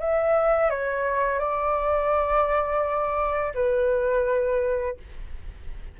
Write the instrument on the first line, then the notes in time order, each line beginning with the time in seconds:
flute
0.00 E5
0.70 C#5
1.39 D5
3.55 B4